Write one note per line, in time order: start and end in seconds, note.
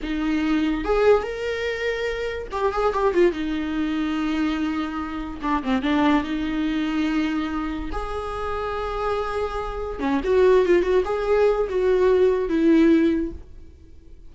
0.02 0.84 D#4
0.84 1.22 G#4
1.22 2.47 A#4
2.51 2.72 G4
2.72 2.93 G#4
2.93 3.13 G4
3.13 3.31 F4
3.31 5.40 D#4
5.42 5.62 D4
5.63 5.82 C4
5.82 6.23 D4
6.23 7.90 D#4
7.91 9.99 G#4
9.99 10.20 C#4
10.24 10.65 F#4
10.65 10.82 F4
10.82 11.03 F#4
11.05 11.67 G#4
11.69 12.48 F#4
12.48 13.32 E4